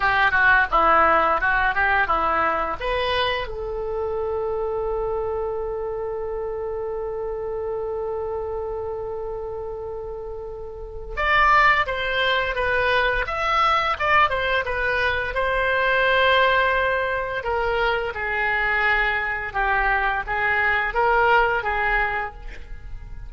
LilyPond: \new Staff \with { instrumentName = "oboe" } { \time 4/4 \tempo 4 = 86 g'8 fis'8 e'4 fis'8 g'8 e'4 | b'4 a'2.~ | a'1~ | a'1 |
d''4 c''4 b'4 e''4 | d''8 c''8 b'4 c''2~ | c''4 ais'4 gis'2 | g'4 gis'4 ais'4 gis'4 | }